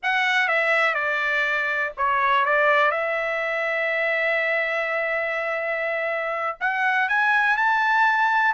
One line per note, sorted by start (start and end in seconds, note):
0.02 0.48 F#5
0.48 0.94 E5
0.94 1.92 D5
1.97 2.45 C#5
2.45 2.91 D5
2.91 6.57 E5
6.60 7.08 F#5
7.08 7.56 G#5
7.56 8.54 A5